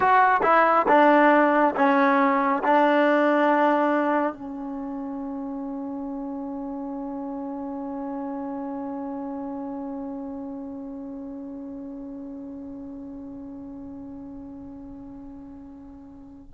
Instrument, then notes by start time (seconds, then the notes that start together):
trombone
0.00 F#4
0.43 E4
0.87 D4
1.75 C#4
2.63 D4
4.33 C#4